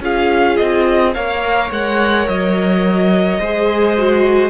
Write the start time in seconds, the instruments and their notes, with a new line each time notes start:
0.00 cello C#4, viola F4, violin G#4 F5
0.57 cello C4, violin D#5
1.14 cello A#3, viola A#4, violin C#5 F5
1.71 cello G#3, violin F#5
2.27 cello F#3, violin D#5
3.39 cello G#3, viola G#4, violin C5
3.97 viola F#4